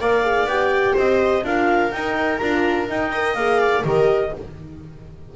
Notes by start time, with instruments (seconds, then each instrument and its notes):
0.00 double bass A#3, horn A#4, viola D5, clarinet F5
0.23 horn G#4
0.45 double bass B3, horn G4, clarinet G5
0.93 double bass C4, viola C5, clarinet D#5
1.44 double bass D4, horn F4, viola A#4, clarinet F5
1.92 double bass D#4, horn D#4, clarinet G5
2.37 double bass D4, horn F4, clarinet A#5
2.87 horn D#4, double bass D#4, clarinet G5
3.12 horn A#4, viola D#5
3.34 double bass A#3, horn G#4, clarinet F5
3.60 viola D5
3.83 double bass D#3, horn G4, viola A#4, clarinet D#5